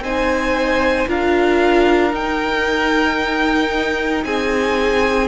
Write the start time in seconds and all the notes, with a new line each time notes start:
0.00 C4 D#4 C5 G#5
1.08 D4 F4 A#4 F5
2.12 D#4 G5
4.24 C4 G#4 G#5